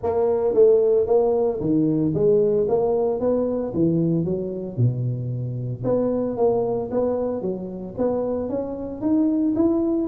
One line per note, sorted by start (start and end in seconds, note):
0.02 0.53 A#3
0.53 1.06 A3
1.06 1.59 A#3
1.60 2.13 D#3
2.14 2.67 G#3
2.68 3.20 A#3
3.20 3.73 B3
3.73 4.25 E3
4.25 4.76 F#3
4.76 5.83 B2
5.84 6.36 B3
6.36 6.90 A#3
6.90 7.41 B3
7.41 7.95 F#3
7.97 8.49 B3
8.49 9.01 C#4
9.01 9.54 D#4
9.55 10.08 E4